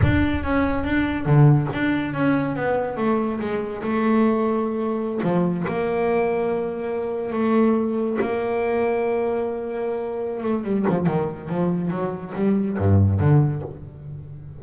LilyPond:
\new Staff \with { instrumentName = "double bass" } { \time 4/4 \tempo 4 = 141 d'4 cis'4 d'4 d4 | d'4 cis'4 b4 a4 | gis4 a2.~ | a16 f4 ais2~ ais8.~ |
ais4~ ais16 a2 ais8.~ | ais1~ | ais8 a8 g8 f8 dis4 f4 | fis4 g4 g,4 d4 | }